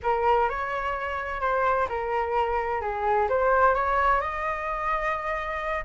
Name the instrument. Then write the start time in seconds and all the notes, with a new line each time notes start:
flute
0.02 A#4
0.49 C#5
1.41 C5
1.89 A#4
2.81 G#4
3.29 C5
3.74 C#5
4.21 D#5